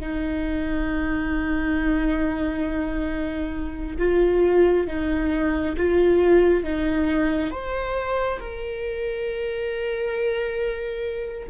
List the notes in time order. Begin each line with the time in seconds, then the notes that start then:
0.00 D#4
3.99 F4
4.87 D#4
5.77 F4
6.63 D#4
7.50 C5
8.39 A#4